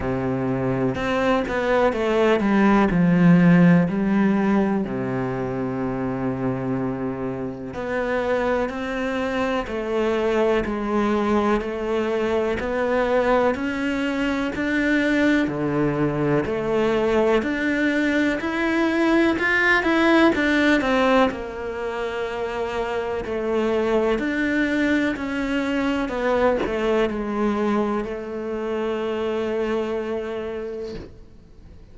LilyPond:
\new Staff \with { instrumentName = "cello" } { \time 4/4 \tempo 4 = 62 c4 c'8 b8 a8 g8 f4 | g4 c2. | b4 c'4 a4 gis4 | a4 b4 cis'4 d'4 |
d4 a4 d'4 e'4 | f'8 e'8 d'8 c'8 ais2 | a4 d'4 cis'4 b8 a8 | gis4 a2. | }